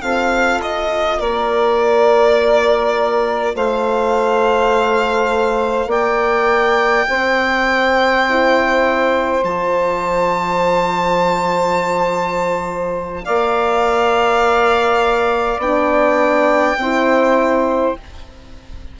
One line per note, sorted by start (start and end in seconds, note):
0.00 0.61 C4
0.00 1.19 F4
0.00 1.18 A4
0.00 0.60 F5
0.61 8.26 F4
0.61 1.19 D#5
1.18 3.55 A#3
1.18 3.53 A#4
1.18 3.55 D5
3.55 5.87 A3
3.55 5.88 C5
3.55 5.90 F5
5.87 7.04 A#3
5.87 7.05 D5
5.87 9.43 G5
7.08 9.43 C4
7.08 13.25 C5
8.29 9.44 E4
9.43 13.25 F3
9.43 15.62 F4
9.43 13.24 A5
13.24 15.58 A#3
13.24 16.78 D5
13.24 15.60 F5
15.58 16.75 B3
15.58 16.79 D4
15.58 17.97 G5
16.76 17.94 C4
16.76 17.99 E4
16.76 17.98 C5